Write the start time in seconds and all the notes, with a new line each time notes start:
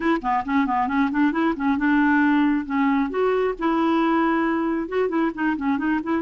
0.00 E4
0.21 B3
0.45 C#4
0.66 B3
0.87 C#4
1.11 D4
1.32 E4
1.56 C#4
1.77 D4
2.65 C#4
3.10 F#4
3.58 E4
4.88 F#4
5.08 E4
5.34 D#4
5.57 C#4
5.77 D#4
6.03 E4